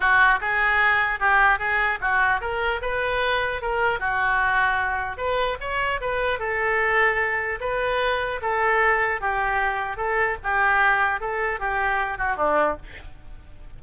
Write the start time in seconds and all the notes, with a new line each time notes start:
0.00 F#4
0.40 G#4
1.19 G4
1.58 G#4
2.00 F#4
2.40 A#4
2.81 B4
3.61 A#4
3.99 F#4
5.17 B4
5.60 C#5
6.00 B4
6.39 A4
7.60 B4
8.41 A4
9.20 G4
9.97 A4
10.43 G4
11.20 A4
11.59 G4
12.17 F#4
12.36 D4